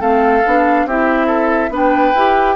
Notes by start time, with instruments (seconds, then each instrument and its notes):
0.00 bassoon A3, clarinet C4, oboe A4, flute F5
0.46 bassoon B3, clarinet D4
0.86 bassoon C4, clarinet E4, oboe G4, flute E5
1.27 oboe A4
1.70 bassoon B3, clarinet D4, oboe B4
1.76 flute G5
2.15 bassoon E4, clarinet G4